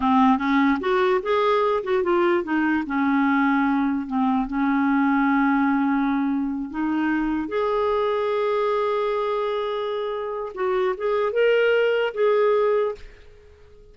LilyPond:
\new Staff \with { instrumentName = "clarinet" } { \time 4/4 \tempo 4 = 148 c'4 cis'4 fis'4 gis'4~ | gis'8 fis'8 f'4 dis'4 cis'4~ | cis'2 c'4 cis'4~ | cis'1~ |
cis'8 dis'2 gis'4.~ | gis'1~ | gis'2 fis'4 gis'4 | ais'2 gis'2 | }